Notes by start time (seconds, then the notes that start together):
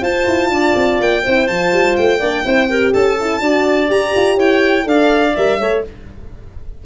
0.00 F4 C5 A5
0.27 E4
0.49 D4 D5
0.75 C4
1.00 A#3 G5
1.23 C4 E4 C5
1.47 F3 F4 A5
1.72 G3
1.96 A3 G5
2.19 A#3 D4 D5
2.44 C4 E4 C5
2.69 G4 A#4
2.92 C#4 A4 A5
3.20 E4
3.40 D4 F#4 D5
3.88 G4 A#5
4.15 F4
4.36 E4 C#5 G5
4.83 D4 A4 D5 F5
5.35 G3 A#4 E5
5.59 A3 A4 C#5